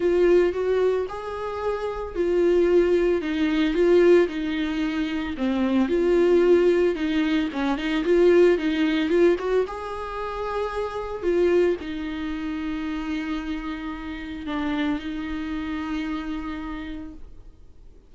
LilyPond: \new Staff \with { instrumentName = "viola" } { \time 4/4 \tempo 4 = 112 f'4 fis'4 gis'2 | f'2 dis'4 f'4 | dis'2 c'4 f'4~ | f'4 dis'4 cis'8 dis'8 f'4 |
dis'4 f'8 fis'8 gis'2~ | gis'4 f'4 dis'2~ | dis'2. d'4 | dis'1 | }